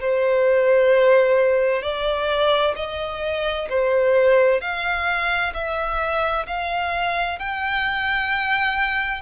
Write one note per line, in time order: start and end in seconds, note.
0.00 1.82 C5
1.82 2.74 D5
2.76 3.68 D#5
3.69 4.61 C5
4.61 5.53 F5
5.53 6.46 E5
6.47 7.38 F5
7.38 9.22 G5